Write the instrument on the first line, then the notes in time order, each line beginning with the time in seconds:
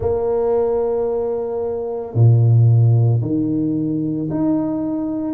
tuba
0.00 A#3
2.14 A#2
3.21 D#3
4.30 D#4